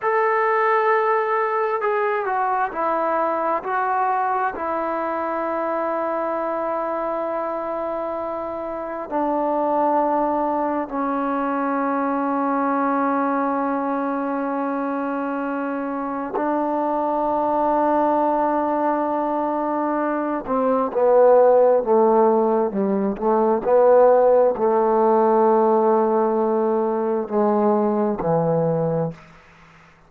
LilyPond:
\new Staff \with { instrumentName = "trombone" } { \time 4/4 \tempo 4 = 66 a'2 gis'8 fis'8 e'4 | fis'4 e'2.~ | e'2 d'2 | cis'1~ |
cis'2 d'2~ | d'2~ d'8 c'8 b4 | a4 g8 a8 b4 a4~ | a2 gis4 e4 | }